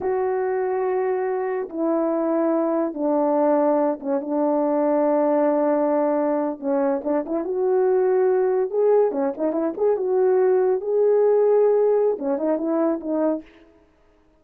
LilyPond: \new Staff \with { instrumentName = "horn" } { \time 4/4 \tempo 4 = 143 fis'1 | e'2. d'4~ | d'4. cis'8 d'2~ | d'2.~ d'8. cis'16~ |
cis'8. d'8 e'8 fis'2~ fis'16~ | fis'8. gis'4 cis'8 dis'8 e'8 gis'8 fis'16~ | fis'4.~ fis'16 gis'2~ gis'16~ | gis'4 cis'8 dis'8 e'4 dis'4 | }